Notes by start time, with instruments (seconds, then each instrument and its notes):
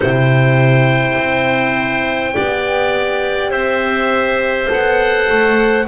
0.00 double bass C3, horn E4, clarinet C5, oboe G5
1.17 double bass C4
2.34 double bass B3, horn G4, clarinet D5
3.50 double bass C4, clarinet C5, oboe E5
4.68 double bass B3, horn A4, oboe F#5
5.29 double bass A3